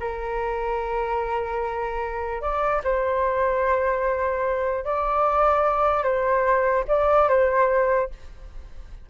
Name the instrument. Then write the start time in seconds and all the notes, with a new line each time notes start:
flute
0.00 A#4
2.42 D5
2.84 C5
4.85 D5
6.04 C5
6.88 D5
7.29 C5